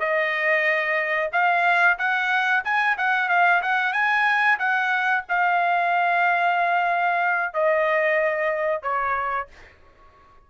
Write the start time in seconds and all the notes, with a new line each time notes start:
0.00 D#5
1.33 F5
1.99 F#5
2.65 G#5
2.98 F#5
3.29 F5
3.63 F#5
3.93 G#5
4.59 F#5
5.29 F5
7.54 D#5
8.83 C#5